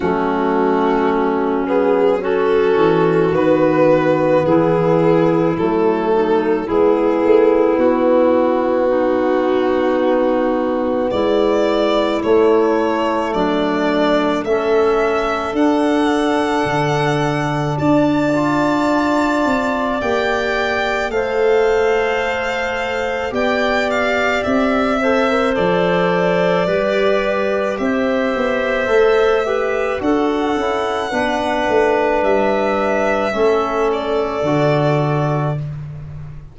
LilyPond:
<<
  \new Staff \with { instrumentName = "violin" } { \time 4/4 \tempo 4 = 54 fis'4. gis'8 a'4 b'4 | gis'4 a'4 gis'4 fis'4~ | fis'2 d''4 cis''4 | d''4 e''4 fis''2 |
a''2 g''4 f''4~ | f''4 g''8 f''8 e''4 d''4~ | d''4 e''2 fis''4~ | fis''4 e''4. d''4. | }
  \new Staff \with { instrumentName = "clarinet" } { \time 4/4 cis'2 fis'2 | e'4. dis'8 e'2 | dis'2 e'2 | d'4 a'2. |
d''2. c''4~ | c''4 d''4. c''4. | b'4 c''4. b'8 a'4 | b'2 a'2 | }
  \new Staff \with { instrumentName = "trombone" } { \time 4/4 a4. b8 cis'4 b4~ | b4 a4 b2~ | b2. a4~ | a4 cis'4 d'2~ |
d'8 f'4. g'4 a'4~ | a'4 g'4. a'16 ais'16 a'4 | g'2 a'8 g'8 fis'8 e'8 | d'2 cis'4 fis'4 | }
  \new Staff \with { instrumentName = "tuba" } { \time 4/4 fis2~ fis8 e8 dis4 | e4 fis4 gis8 a8 b4~ | b2 gis4 a4 | fis4 a4 d'4 d4 |
d'4. c'8 ais4 a4~ | a4 b4 c'4 f4 | g4 c'8 b8 a4 d'8 cis'8 | b8 a8 g4 a4 d4 | }
>>